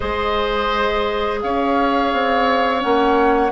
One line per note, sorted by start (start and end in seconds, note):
0.00 1.43 G#3
0.00 2.80 G#4
0.00 1.40 C5
0.00 1.41 D#5
1.41 2.13 C#4
1.41 3.51 C#5
1.41 2.81 F5
2.13 2.83 C4
2.80 3.51 A#3
2.80 3.50 C#4
2.80 3.51 F#5